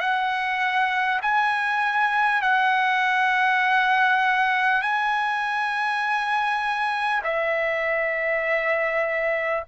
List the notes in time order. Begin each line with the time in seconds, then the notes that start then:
0.00 F#5
1.22 G#5
2.42 F#5
4.82 G#5
7.24 E5